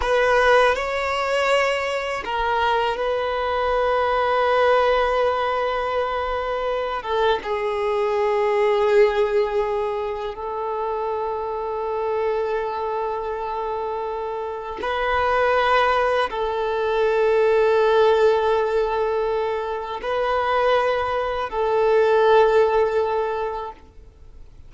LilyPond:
\new Staff \with { instrumentName = "violin" } { \time 4/4 \tempo 4 = 81 b'4 cis''2 ais'4 | b'1~ | b'4. a'8 gis'2~ | gis'2 a'2~ |
a'1 | b'2 a'2~ | a'2. b'4~ | b'4 a'2. | }